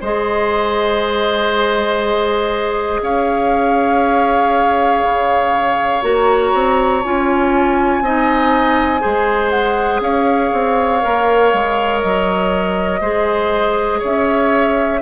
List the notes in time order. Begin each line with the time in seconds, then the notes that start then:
0.00 G#3 G#4 C5 D#5
3.01 C#4 C#5 F5
5.02 C#3
6.02 A#3 F#4 A#5
6.53 C4
7.03 C#4 F4 G#5
8.01 C4 D#4 D#5
8.99 G#3 G#4 C5
9.50 F#5
10.00 C#4 C#5 F5
10.52 C4
11.01 A#3 A#4
11.53 G#3
12.00 F#3 D#5
13.00 G#3 G#4 C5
13.99 C#4 C#5 E5